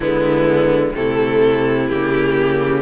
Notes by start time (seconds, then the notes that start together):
0.00 D3 G#3 B3 E4
0.95 C3 A3 E4 A4
1.88 C#3 A#3 G4